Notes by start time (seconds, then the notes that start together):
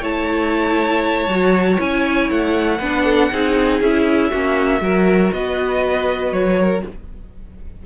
0.00 A3 E4 C#5 A5
1.27 F#3 F#4
1.77 C#4 E4 G#5
2.30 A3 F#5
2.77 B3 D4 B4
3.04 A4
3.31 C4 D#4 G#4
3.80 C#4 E4 E5
4.30 A#3 C#4 F#4
4.80 F#3 F#4 A#4
5.32 B3 B4 D#5
6.32 F#3 C#5
6.60 A#4